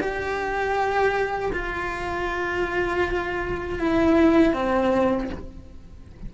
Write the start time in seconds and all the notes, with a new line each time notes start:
0.00 G4
1.53 F4
3.79 E4
4.54 C4